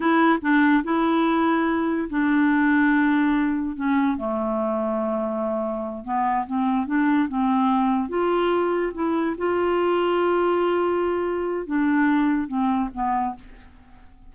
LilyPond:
\new Staff \with { instrumentName = "clarinet" } { \time 4/4 \tempo 4 = 144 e'4 d'4 e'2~ | e'4 d'2.~ | d'4 cis'4 a2~ | a2~ a8 b4 c'8~ |
c'8 d'4 c'2 f'8~ | f'4. e'4 f'4.~ | f'1 | d'2 c'4 b4 | }